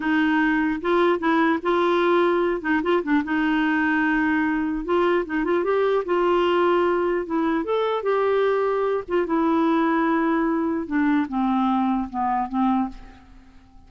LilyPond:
\new Staff \with { instrumentName = "clarinet" } { \time 4/4 \tempo 4 = 149 dis'2 f'4 e'4 | f'2~ f'8 dis'8 f'8 d'8 | dis'1 | f'4 dis'8 f'8 g'4 f'4~ |
f'2 e'4 a'4 | g'2~ g'8 f'8 e'4~ | e'2. d'4 | c'2 b4 c'4 | }